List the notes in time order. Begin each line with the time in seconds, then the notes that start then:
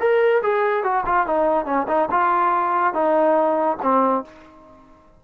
0.00 A#4
0.43 G#4
0.83 F#4
1.06 F4
1.26 D#4
1.66 C#4
1.88 D#4
2.11 F4
2.94 D#4
3.82 C4